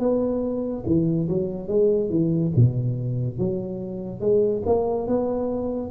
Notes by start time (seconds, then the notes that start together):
0.00 B3
0.86 E3
1.29 F#3
1.68 G#3
2.10 E3
2.57 B2
3.39 F#3
4.21 G#3
4.66 A#3
5.07 B3